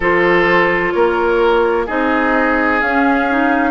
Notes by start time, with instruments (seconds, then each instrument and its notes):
0.00 bassoon F3, clarinet F4, oboe A4, flute C5
0.91 bassoon A#3, oboe A#4, flute C#5
1.86 bassoon C4, clarinet D#4, oboe G#4, flute D#5
2.81 bassoon C#4, clarinet C#4, flute F5
3.29 clarinet D#4